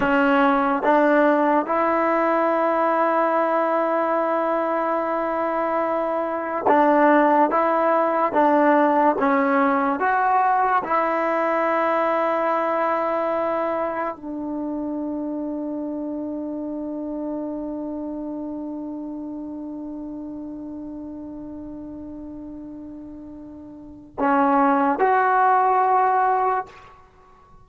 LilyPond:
\new Staff \with { instrumentName = "trombone" } { \time 4/4 \tempo 4 = 72 cis'4 d'4 e'2~ | e'1 | d'4 e'4 d'4 cis'4 | fis'4 e'2.~ |
e'4 d'2.~ | d'1~ | d'1~ | d'4 cis'4 fis'2 | }